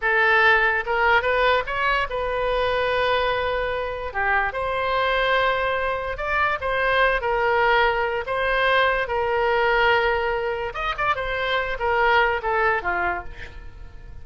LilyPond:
\new Staff \with { instrumentName = "oboe" } { \time 4/4 \tempo 4 = 145 a'2 ais'4 b'4 | cis''4 b'2.~ | b'2 g'4 c''4~ | c''2. d''4 |
c''4. ais'2~ ais'8 | c''2 ais'2~ | ais'2 dis''8 d''8 c''4~ | c''8 ais'4. a'4 f'4 | }